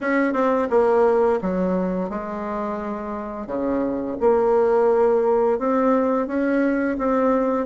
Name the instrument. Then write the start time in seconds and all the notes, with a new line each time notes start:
bassoon
0.01 C#4
0.33 C4
0.69 A#3
1.41 F#3
2.09 G#3
3.46 C#3
4.20 A#3
5.58 C4
6.27 C#4
6.98 C4